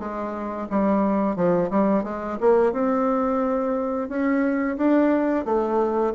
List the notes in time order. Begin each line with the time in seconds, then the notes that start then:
0.00 G#3
0.71 G3
1.36 F3
1.71 G3
2.04 G#3
2.41 A#3
2.73 C4
4.09 C#4
4.78 D4
5.46 A3